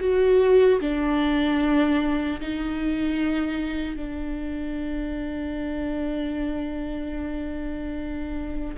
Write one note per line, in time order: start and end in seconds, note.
0.00 0.80 F#4
0.80 2.40 D4
2.41 3.96 D#4
3.96 8.76 D4